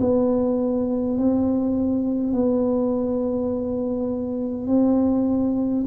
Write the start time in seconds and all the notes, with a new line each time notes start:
0.00 B3
1.18 C4
2.33 B3
4.67 C4